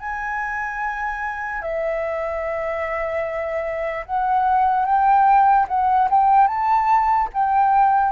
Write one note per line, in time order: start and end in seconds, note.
0.00 1.62 G#5
1.62 4.05 E5
4.06 4.85 F#5
4.85 5.66 G5
5.69 6.09 F#5
6.11 6.48 G5
6.48 7.29 A5
7.34 8.12 G5